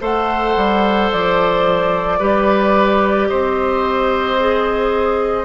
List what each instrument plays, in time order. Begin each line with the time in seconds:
0.00 bassoon A3, clarinet A4, oboe C5, flute F#5
0.56 bassoon G3
1.12 bassoon F3, flute D5
2.19 bassoon G3, clarinet G4, oboe B4
3.28 bassoon C4, oboe C5, flute D#5
4.40 clarinet G#4